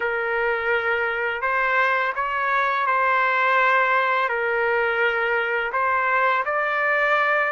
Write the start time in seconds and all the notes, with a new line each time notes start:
0.00 A#4
1.41 C5
2.15 C#5
2.86 C5
4.28 A#4
5.72 C5
6.45 D5